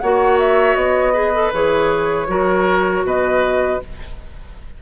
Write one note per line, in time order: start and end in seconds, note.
0.00 0.75 A#3
0.00 1.14 F#4
0.00 1.13 C#5
0.00 0.38 F#5
0.39 0.76 E5
0.75 1.51 B3
0.75 1.52 D#5
1.13 1.33 G#4
1.13 2.27 B4
1.34 1.53 A4
1.53 2.28 E3
1.53 2.28 G#4
1.53 3.06 C#5
2.28 3.04 F#3
2.28 3.79 F#4
2.28 3.06 A#4
3.04 3.80 B2
3.04 3.82 B4
3.04 3.82 D#5